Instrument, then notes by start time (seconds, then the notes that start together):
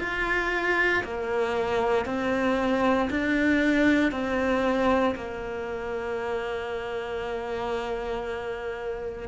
cello
0.00 F4
1.03 A#3
2.05 C4
3.10 D4
4.11 C4
5.15 A#3